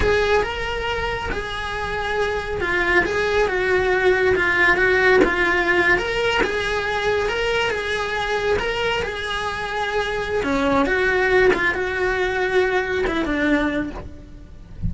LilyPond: \new Staff \with { instrumentName = "cello" } { \time 4/4 \tempo 4 = 138 gis'4 ais'2 gis'4~ | gis'2 f'4 gis'4 | fis'2 f'4 fis'4 | f'4.~ f'16 ais'4 gis'4~ gis'16~ |
gis'8. ais'4 gis'2 ais'16~ | ais'8. gis'2.~ gis'16 | cis'4 fis'4. f'8 fis'4~ | fis'2 e'8 d'4. | }